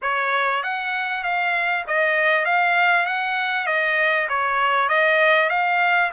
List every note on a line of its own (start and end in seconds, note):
0.02 0.63 C#5
0.63 1.23 F#5
1.23 1.85 F5
1.87 2.45 D#5
2.45 3.06 F5
3.06 3.66 F#5
3.66 4.27 D#5
4.29 4.88 C#5
4.88 5.49 D#5
5.49 6.10 F5